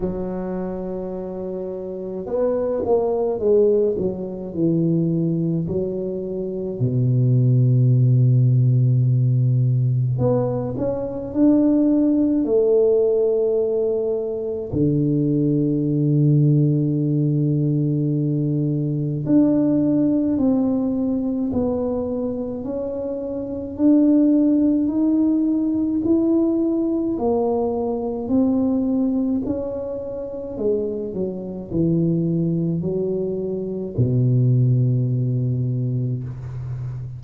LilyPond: \new Staff \with { instrumentName = "tuba" } { \time 4/4 \tempo 4 = 53 fis2 b8 ais8 gis8 fis8 | e4 fis4 b,2~ | b,4 b8 cis'8 d'4 a4~ | a4 d2.~ |
d4 d'4 c'4 b4 | cis'4 d'4 dis'4 e'4 | ais4 c'4 cis'4 gis8 fis8 | e4 fis4 b,2 | }